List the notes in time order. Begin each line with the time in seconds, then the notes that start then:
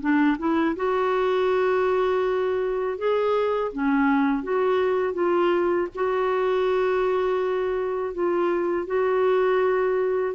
0.00 D4
0.38 E4
0.76 F#4
2.98 G#4
3.72 C#4
4.43 F#4
5.13 F4
5.95 F#4
8.14 F4
8.86 F#4